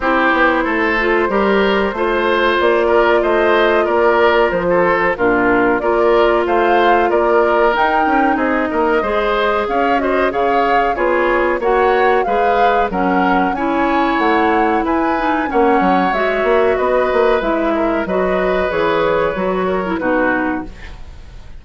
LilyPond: <<
  \new Staff \with { instrumentName = "flute" } { \time 4/4 \tempo 4 = 93 c''1 | d''4 dis''4 d''4 c''4 | ais'4 d''4 f''4 d''4 | g''4 dis''2 f''8 dis''8 |
f''4 cis''4 fis''4 f''4 | fis''4 gis''4 fis''4 gis''4 | fis''4 e''4 dis''4 e''4 | dis''4 cis''2 b'4 | }
  \new Staff \with { instrumentName = "oboe" } { \time 4/4 g'4 a'4 ais'4 c''4~ | c''8 ais'8 c''4 ais'4~ ais'16 a'8. | f'4 ais'4 c''4 ais'4~ | ais'4 gis'8 ais'8 c''4 cis''8 c''8 |
cis''4 gis'4 cis''4 b'4 | ais'4 cis''2 b'4 | cis''2 b'4. ais'8 | b'2~ b'8 ais'8 fis'4 | }
  \new Staff \with { instrumentName = "clarinet" } { \time 4/4 e'4. f'8 g'4 f'4~ | f'1 | d'4 f'2. | dis'2 gis'4. fis'8 |
gis'4 f'4 fis'4 gis'4 | cis'4 e'2~ e'8 dis'8 | cis'4 fis'2 e'4 | fis'4 gis'4 fis'8. e'16 dis'4 | }
  \new Staff \with { instrumentName = "bassoon" } { \time 4/4 c'8 b8 a4 g4 a4 | ais4 a4 ais4 f4 | ais,4 ais4 a4 ais4 | dis'8 cis'8 c'8 ais8 gis4 cis'4 |
cis4 b4 ais4 gis4 | fis4 cis'4 a4 e'4 | ais8 fis8 gis8 ais8 b8 ais8 gis4 | fis4 e4 fis4 b,4 | }
>>